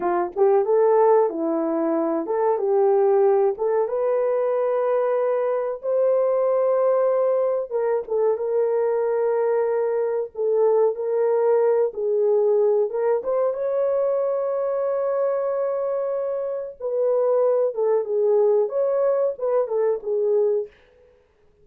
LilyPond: \new Staff \with { instrumentName = "horn" } { \time 4/4 \tempo 4 = 93 f'8 g'8 a'4 e'4. a'8 | g'4. a'8 b'2~ | b'4 c''2. | ais'8 a'8 ais'2. |
a'4 ais'4. gis'4. | ais'8 c''8 cis''2.~ | cis''2 b'4. a'8 | gis'4 cis''4 b'8 a'8 gis'4 | }